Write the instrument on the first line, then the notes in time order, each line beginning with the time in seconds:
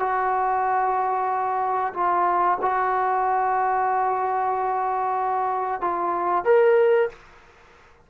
trombone
0.00 F#4
1.94 F4
2.62 F#4
5.81 F4
6.45 A#4